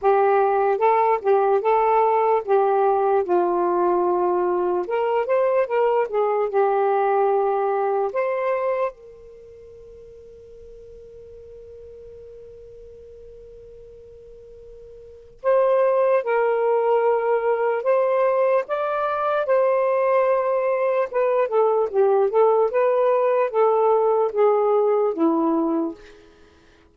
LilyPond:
\new Staff \with { instrumentName = "saxophone" } { \time 4/4 \tempo 4 = 74 g'4 a'8 g'8 a'4 g'4 | f'2 ais'8 c''8 ais'8 gis'8 | g'2 c''4 ais'4~ | ais'1~ |
ais'2. c''4 | ais'2 c''4 d''4 | c''2 b'8 a'8 g'8 a'8 | b'4 a'4 gis'4 e'4 | }